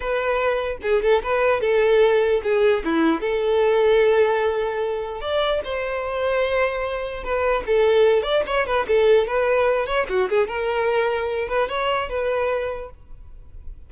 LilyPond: \new Staff \with { instrumentName = "violin" } { \time 4/4 \tempo 4 = 149 b'2 gis'8 a'8 b'4 | a'2 gis'4 e'4 | a'1~ | a'4 d''4 c''2~ |
c''2 b'4 a'4~ | a'8 d''8 cis''8 b'8 a'4 b'4~ | b'8 cis''8 fis'8 gis'8 ais'2~ | ais'8 b'8 cis''4 b'2 | }